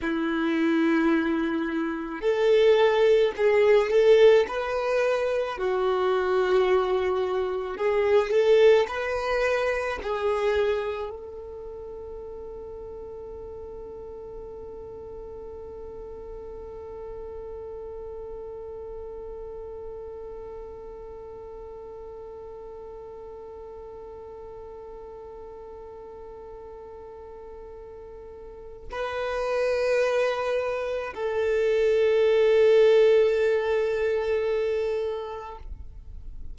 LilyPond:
\new Staff \with { instrumentName = "violin" } { \time 4/4 \tempo 4 = 54 e'2 a'4 gis'8 a'8 | b'4 fis'2 gis'8 a'8 | b'4 gis'4 a'2~ | a'1~ |
a'1~ | a'1~ | a'2 b'2 | a'1 | }